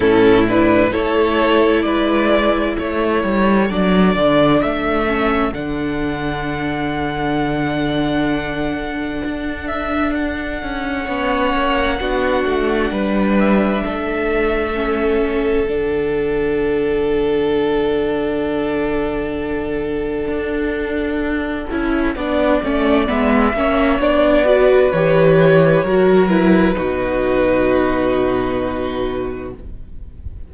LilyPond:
<<
  \new Staff \with { instrumentName = "violin" } { \time 4/4 \tempo 4 = 65 a'8 b'8 cis''4 d''4 cis''4 | d''4 e''4 fis''2~ | fis''2~ fis''8 e''8 fis''4~ | fis''2~ fis''8 e''4.~ |
e''4 fis''2.~ | fis''1~ | fis''4 e''4 d''4 cis''4~ | cis''8 b'2.~ b'8 | }
  \new Staff \with { instrumentName = "violin" } { \time 4/4 e'4 a'4 b'4 a'4~ | a'1~ | a'1 | cis''4 fis'4 b'4 a'4~ |
a'1~ | a'1 | d''4. cis''4 b'4. | ais'4 fis'2. | }
  \new Staff \with { instrumentName = "viola" } { \time 4/4 cis'8 d'8 e'2. | d'4. cis'8 d'2~ | d'1 | cis'4 d'2. |
cis'4 d'2.~ | d'2.~ d'8 e'8 | d'8 cis'8 b8 cis'8 d'8 fis'8 g'4 | fis'8 e'8 dis'2. | }
  \new Staff \with { instrumentName = "cello" } { \time 4/4 a,4 a4 gis4 a8 g8 | fis8 d8 a4 d2~ | d2 d'4. cis'8 | b8 ais8 b8 a8 g4 a4~ |
a4 d2.~ | d2 d'4. cis'8 | b8 a8 gis8 ais8 b4 e4 | fis4 b,2. | }
>>